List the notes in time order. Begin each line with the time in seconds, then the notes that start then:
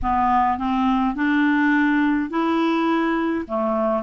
0.02 B3
0.58 C4
1.15 D4
2.30 E4
3.47 A3